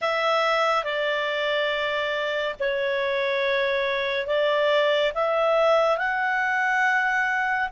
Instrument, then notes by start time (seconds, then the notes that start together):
clarinet
0.01 E5
0.84 D5
2.59 C#5
4.26 D5
5.14 E5
5.97 F#5